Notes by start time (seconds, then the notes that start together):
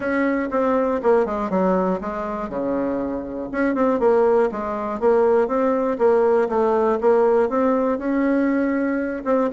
0.00 C#4
0.50 C4
1.02 A#3
1.25 G#3
1.50 F#3
2.00 G#3
2.49 C#3
3.51 C#4
3.74 C4
3.99 A#3
4.51 G#3
5.00 A#3
5.47 C4
5.98 A#3
6.48 A3
7.00 A#3
7.49 C4
7.98 C#4
9.25 C4